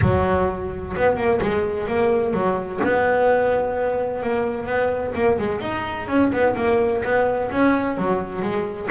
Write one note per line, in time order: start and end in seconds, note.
0.01 0.95 F#3
0.96 1.16 B3
1.16 1.40 A#3
1.41 1.87 G#3
1.87 2.33 A#3
2.33 2.80 F#3
2.83 4.23 B3
4.23 4.66 A#3
4.66 5.13 B3
5.14 5.38 A#3
5.38 5.61 G#3
5.61 6.07 D#4
6.08 6.31 C#4
6.32 6.55 B3
6.56 7.02 A#3
7.04 7.51 B3
7.51 7.97 C#4
7.97 8.42 F#3
8.42 8.88 G#3